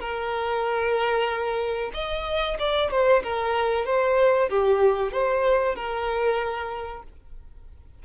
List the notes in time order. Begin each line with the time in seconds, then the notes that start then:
0.00 A#4
1.94 D#5
2.59 D5
2.91 C5
3.23 A#4
3.86 C5
4.49 G4
5.12 C5
5.75 A#4